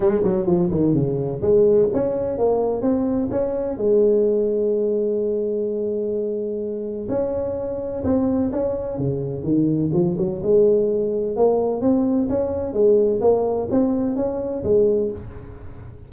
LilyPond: \new Staff \with { instrumentName = "tuba" } { \time 4/4 \tempo 4 = 127 gis8 fis8 f8 dis8 cis4 gis4 | cis'4 ais4 c'4 cis'4 | gis1~ | gis2. cis'4~ |
cis'4 c'4 cis'4 cis4 | dis4 f8 fis8 gis2 | ais4 c'4 cis'4 gis4 | ais4 c'4 cis'4 gis4 | }